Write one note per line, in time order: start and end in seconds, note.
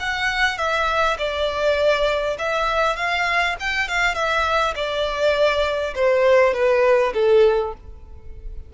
0.00 0.58 F#5
0.58 1.17 E5
1.19 2.37 D5
2.39 2.96 E5
2.96 3.56 F5
3.60 3.89 G5
3.89 4.15 F5
4.15 4.74 E5
4.76 5.94 D5
5.95 6.54 C5
6.54 7.13 B4
7.14 7.73 A4